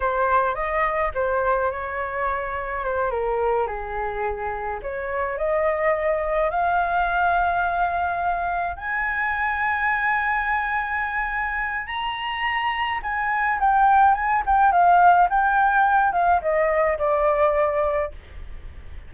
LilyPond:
\new Staff \with { instrumentName = "flute" } { \time 4/4 \tempo 4 = 106 c''4 dis''4 c''4 cis''4~ | cis''4 c''8 ais'4 gis'4.~ | gis'8 cis''4 dis''2 f''8~ | f''2.~ f''8 gis''8~ |
gis''1~ | gis''4 ais''2 gis''4 | g''4 gis''8 g''8 f''4 g''4~ | g''8 f''8 dis''4 d''2 | }